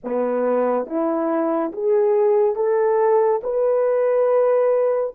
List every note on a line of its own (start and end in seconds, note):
0.04 0.86 B3
0.86 1.72 E4
1.72 2.55 G#4
2.55 3.41 A4
3.43 5.14 B4